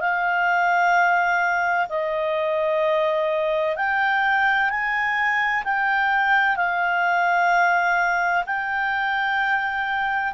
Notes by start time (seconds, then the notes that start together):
0.00 F5
1.89 D#5
3.76 G5
4.70 G#5
5.64 G5
6.56 F5
8.46 G5